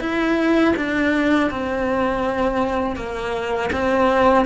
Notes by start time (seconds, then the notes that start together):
0.00 E4
0.76 D4
1.50 C4
2.96 A#3
3.72 C4